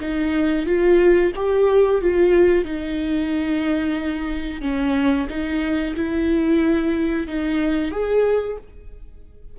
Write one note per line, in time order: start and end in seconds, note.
0.00 0.66 D#4
0.66 1.32 F4
1.35 2.01 G4
2.01 2.65 F4
2.65 4.61 D#4
4.61 5.27 C#4
5.29 5.95 D#4
5.96 7.27 E4
7.27 7.91 D#4
7.91 8.57 G#4